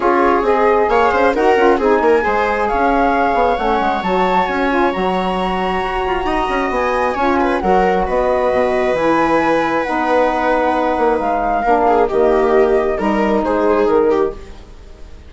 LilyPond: <<
  \new Staff \with { instrumentName = "flute" } { \time 4/4 \tempo 4 = 134 cis''4 dis''4 f''4 fis''4 | gis''2 f''2 | fis''4 a''4 gis''4 ais''4~ | ais''2. gis''4~ |
gis''4 fis''4 dis''2 | gis''2 fis''2~ | fis''4 f''2 dis''4~ | dis''4 ais'4 c''4 ais'4 | }
  \new Staff \with { instrumentName = "viola" } { \time 4/4 gis'2 cis''8 c''8 ais'4 | gis'8 ais'8 c''4 cis''2~ | cis''1~ | cis''2 dis''2 |
cis''8 b'8 ais'4 b'2~ | b'1~ | b'2 ais'8 gis'8 g'4~ | g'4 ais'4 gis'4. g'8 | }
  \new Staff \with { instrumentName = "saxophone" } { \time 4/4 f'4 gis'2 fis'8 f'8 | dis'4 gis'2. | cis'4 fis'4. f'8 fis'4~ | fis'1 |
f'4 fis'2. | e'2 dis'2~ | dis'2 d'4 ais4~ | ais4 dis'2. | }
  \new Staff \with { instrumentName = "bassoon" } { \time 4/4 cis'4 c'4 ais8 cis'8 dis'8 cis'8 | c'8 ais8 gis4 cis'4. b8 | a8 gis8 fis4 cis'4 fis4~ | fis4 fis'8 f'8 dis'8 cis'8 b4 |
cis'4 fis4 b4 b,4 | e2 b2~ | b8 ais8 gis4 ais4 dis4~ | dis4 g4 gis4 dis4 | }
>>